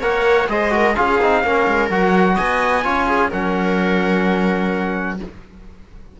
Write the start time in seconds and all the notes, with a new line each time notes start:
0.00 A#3 A#4 C#5 F#5
0.48 G#3 G#4 C5 D#5
0.70 F#4 A#4
0.95 C#4 F4 G#4 F5
1.21 C4 D#4
1.43 A#3 C#4 A#4
1.67 G#3
1.90 F#3 F#4 F#5
2.35 B3 D#5 G#5
2.83 C#4 F4 C#5
3.06 G#4
3.30 F#3 C#4 A#4 F#5